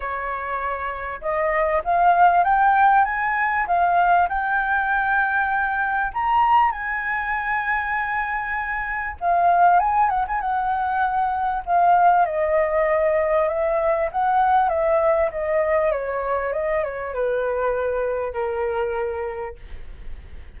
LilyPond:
\new Staff \with { instrumentName = "flute" } { \time 4/4 \tempo 4 = 98 cis''2 dis''4 f''4 | g''4 gis''4 f''4 g''4~ | g''2 ais''4 gis''4~ | gis''2. f''4 |
gis''8 fis''16 gis''16 fis''2 f''4 | dis''2 e''4 fis''4 | e''4 dis''4 cis''4 dis''8 cis''8 | b'2 ais'2 | }